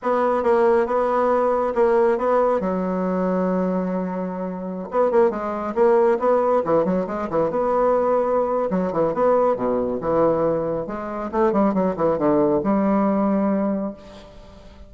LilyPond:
\new Staff \with { instrumentName = "bassoon" } { \time 4/4 \tempo 4 = 138 b4 ais4 b2 | ais4 b4 fis2~ | fis2.~ fis16 b8 ais16~ | ais16 gis4 ais4 b4 e8 fis16~ |
fis16 gis8 e8 b2~ b8. | fis8 e8 b4 b,4 e4~ | e4 gis4 a8 g8 fis8 e8 | d4 g2. | }